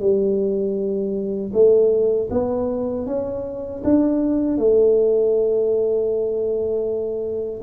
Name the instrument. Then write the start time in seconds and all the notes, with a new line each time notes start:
tuba
0.00 G3
1.53 A3
2.30 B3
3.06 C#4
3.84 D4
4.57 A3